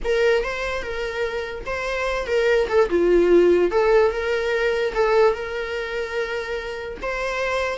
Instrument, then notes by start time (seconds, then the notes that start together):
viola
0.04 A#4
0.43 C5
0.82 A#4
1.66 C5
2.26 A#4
2.68 A4
2.89 F4
3.71 A4
4.11 A#4
4.94 A4
5.33 A#4
7.01 C5